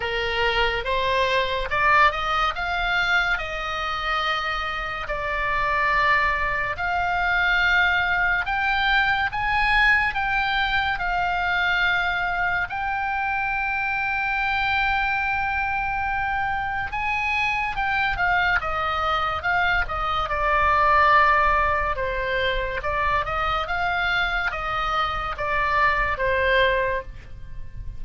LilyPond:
\new Staff \with { instrumentName = "oboe" } { \time 4/4 \tempo 4 = 71 ais'4 c''4 d''8 dis''8 f''4 | dis''2 d''2 | f''2 g''4 gis''4 | g''4 f''2 g''4~ |
g''1 | gis''4 g''8 f''8 dis''4 f''8 dis''8 | d''2 c''4 d''8 dis''8 | f''4 dis''4 d''4 c''4 | }